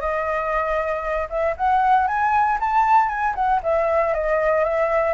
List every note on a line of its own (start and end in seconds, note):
0.00 1.28 D#5
1.30 1.55 E5
1.57 2.07 F#5
2.07 2.59 G#5
2.60 3.09 A5
3.09 3.34 G#5
3.35 3.61 F#5
3.63 4.14 E5
4.14 4.64 D#5
4.64 5.14 E5